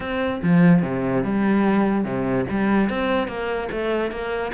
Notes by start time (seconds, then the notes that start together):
0.00 C4
0.42 F3
0.82 C3
1.23 G3
2.04 C3
2.50 G3
2.89 C4
3.27 A#3
3.71 A3
4.11 A#3